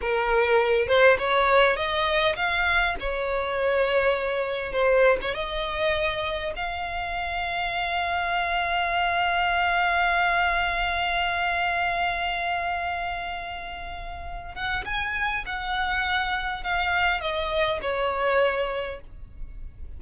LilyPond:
\new Staff \with { instrumentName = "violin" } { \time 4/4 \tempo 4 = 101 ais'4. c''8 cis''4 dis''4 | f''4 cis''2. | c''8. cis''16 dis''2 f''4~ | f''1~ |
f''1~ | f''1~ | f''8 fis''8 gis''4 fis''2 | f''4 dis''4 cis''2 | }